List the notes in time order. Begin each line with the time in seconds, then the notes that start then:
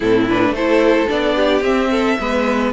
0.00 A2 C4 E4 A4
0.29 D4 B4
0.51 A3 A4 C5
0.57 E4
1.07 B3 D4 D5
1.35 G4
1.61 C4 E5
1.91 A4
2.19 G#3 B3 B4